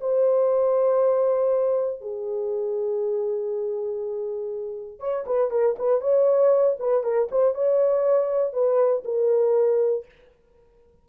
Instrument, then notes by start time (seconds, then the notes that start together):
horn
0.00 C5
2.01 G#4
4.99 C#5
5.26 B4
5.50 A#4
5.78 B4
6.01 C#5
6.79 B4
7.03 A#4
7.31 C5
7.54 C#5
8.53 B4
9.04 A#4